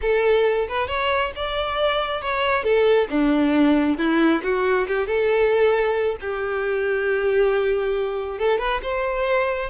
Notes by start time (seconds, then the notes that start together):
0.01 A4
0.68 B4
0.87 C#5
1.35 D5
2.21 C#5
2.63 A4
3.10 D4
3.97 E4
4.43 F#4
4.87 G4
5.06 A4
6.20 G4
8.38 A4
8.58 B4
8.82 C5